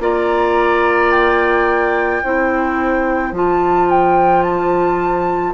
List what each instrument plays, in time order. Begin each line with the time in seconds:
0.00 bassoon A#3, clarinet F4, oboe D5, flute A#5
1.11 flute G5
2.24 bassoon C4, clarinet E4, oboe C5
3.32 bassoon F3, clarinet F4, flute A5
3.90 flute G5
4.43 flute A5